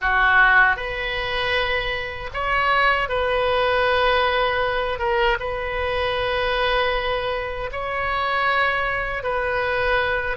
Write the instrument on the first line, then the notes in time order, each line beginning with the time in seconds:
oboe
0.01 F#4
0.76 B4
2.33 C#5
3.08 B4
4.98 A#4
5.39 B4
7.71 C#5
9.23 B4